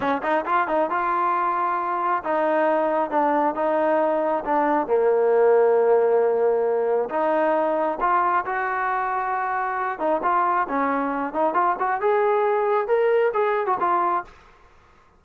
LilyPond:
\new Staff \with { instrumentName = "trombone" } { \time 4/4 \tempo 4 = 135 cis'8 dis'8 f'8 dis'8 f'2~ | f'4 dis'2 d'4 | dis'2 d'4 ais4~ | ais1 |
dis'2 f'4 fis'4~ | fis'2~ fis'8 dis'8 f'4 | cis'4. dis'8 f'8 fis'8 gis'4~ | gis'4 ais'4 gis'8. fis'16 f'4 | }